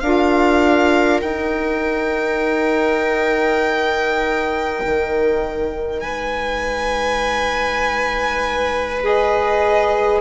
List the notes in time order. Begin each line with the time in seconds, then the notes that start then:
0.00 D4 F4 A#4 F5
1.21 D#4 G5
4.85 D#3
6.00 G#3 B4 G#5
9.02 G#4 D#5